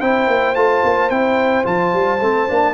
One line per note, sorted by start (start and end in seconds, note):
0.00 0.27 C4
0.00 0.56 E4
0.00 2.74 C5
0.00 0.55 G5
0.27 0.55 A#3
0.55 0.83 A3
0.55 1.11 F4
0.55 1.10 A5
0.84 1.10 A#3
1.10 1.65 C4
1.10 1.64 E4
1.10 1.65 G5
1.64 1.93 F3
1.64 2.19 F4
1.64 2.74 A5
1.93 2.20 G3
2.20 2.48 A3
2.20 2.48 C4
2.48 2.74 A#3
2.48 2.74 D4